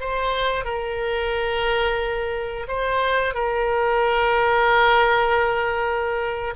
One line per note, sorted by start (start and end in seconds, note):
0.00 0.64 C5
0.64 2.67 A#4
2.68 3.34 C5
3.34 6.54 A#4